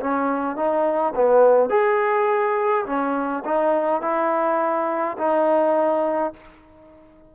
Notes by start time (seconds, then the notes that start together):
0.00 C#4
0.56 D#4
1.15 B3
1.69 G#4
2.86 C#4
3.45 D#4
4.02 E4
5.18 D#4